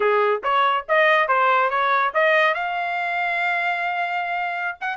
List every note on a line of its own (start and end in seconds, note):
0.00 0.42 G#4
0.43 0.85 C#5
0.88 1.28 D#5
1.28 1.69 C5
1.69 2.12 C#5
2.14 2.54 D#5
2.54 4.78 F5
4.80 4.97 F#5